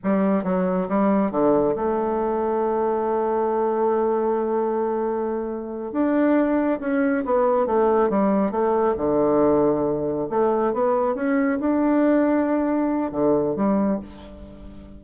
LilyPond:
\new Staff \with { instrumentName = "bassoon" } { \time 4/4 \tempo 4 = 137 g4 fis4 g4 d4 | a1~ | a1~ | a4. d'2 cis'8~ |
cis'8 b4 a4 g4 a8~ | a8 d2. a8~ | a8 b4 cis'4 d'4.~ | d'2 d4 g4 | }